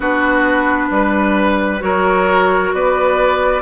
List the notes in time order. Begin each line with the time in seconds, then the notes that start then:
0.00 B3 D4 F#4 B4
0.90 G3 B4
1.79 F#3 F#4 A#4 C#5
2.73 B3 B4 D5